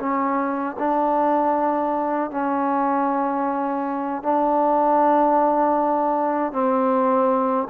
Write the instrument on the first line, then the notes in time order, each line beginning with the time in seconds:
trombone
0.00 C#4
0.79 D4
2.31 C#4
4.23 D4
6.53 C4